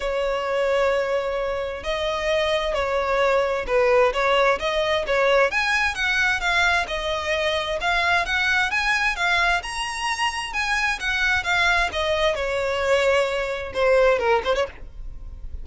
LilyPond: \new Staff \with { instrumentName = "violin" } { \time 4/4 \tempo 4 = 131 cis''1 | dis''2 cis''2 | b'4 cis''4 dis''4 cis''4 | gis''4 fis''4 f''4 dis''4~ |
dis''4 f''4 fis''4 gis''4 | f''4 ais''2 gis''4 | fis''4 f''4 dis''4 cis''4~ | cis''2 c''4 ais'8 c''16 cis''16 | }